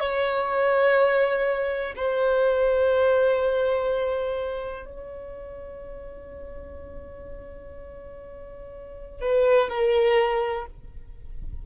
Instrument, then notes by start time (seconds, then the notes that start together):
violin
0.00 C#5
1.96 C5
4.85 C#5
9.21 B4
9.69 A#4